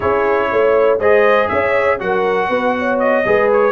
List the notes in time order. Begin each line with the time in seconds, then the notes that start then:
0.00 C#4 E4 G#4 C#5
0.51 A3 C#5
0.99 G#3 G#4 C5 D#5
1.48 C#4 C#5 E5
1.99 F#3 F#4 A#4 F#5
2.48 B3 B4
2.78 C#5
2.99 D#5
3.25 G#3 G#4 B4
3.52 C#5